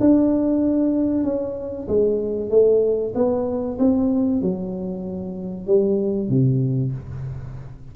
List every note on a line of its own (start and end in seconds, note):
0.00 1.24 D4
1.24 1.87 C#4
1.88 2.50 G#3
2.50 3.13 A3
3.15 3.78 B3
3.79 4.42 C4
4.42 5.67 F#3
5.67 6.29 G3
6.29 6.92 C3